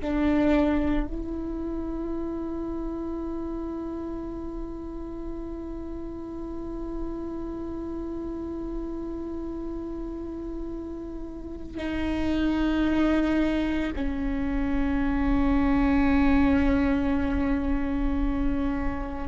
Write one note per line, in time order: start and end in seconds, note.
0.00 1.07 D4
1.07 11.78 E4
11.78 13.92 D#4
13.95 19.28 C#4